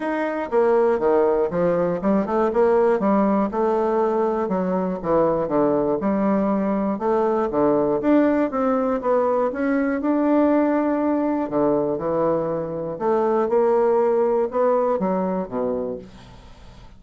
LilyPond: \new Staff \with { instrumentName = "bassoon" } { \time 4/4 \tempo 4 = 120 dis'4 ais4 dis4 f4 | g8 a8 ais4 g4 a4~ | a4 fis4 e4 d4 | g2 a4 d4 |
d'4 c'4 b4 cis'4 | d'2. d4 | e2 a4 ais4~ | ais4 b4 fis4 b,4 | }